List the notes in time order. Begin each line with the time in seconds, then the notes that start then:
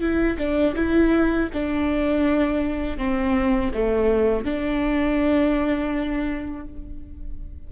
0.00 E4
0.37 D4
0.75 E4
1.53 D4
2.97 C4
3.73 A3
4.44 D4